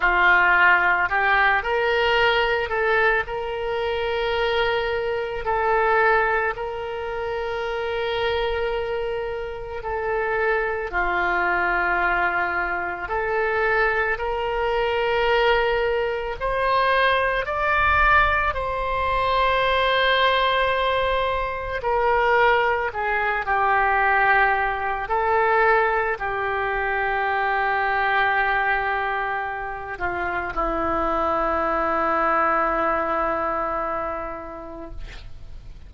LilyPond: \new Staff \with { instrumentName = "oboe" } { \time 4/4 \tempo 4 = 55 f'4 g'8 ais'4 a'8 ais'4~ | ais'4 a'4 ais'2~ | ais'4 a'4 f'2 | a'4 ais'2 c''4 |
d''4 c''2. | ais'4 gis'8 g'4. a'4 | g'2.~ g'8 f'8 | e'1 | }